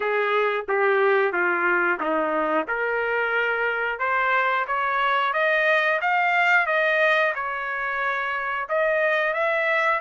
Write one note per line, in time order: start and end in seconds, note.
0.00 0.65 G#4
0.68 1.32 G4
1.32 1.98 F4
1.99 2.66 D#4
2.67 3.98 A#4
3.98 4.65 C5
4.67 5.33 C#5
5.33 6.00 D#5
6.01 6.66 F5
6.66 7.33 D#5
7.34 8.68 C#5
8.68 9.33 D#5
9.33 10.00 E5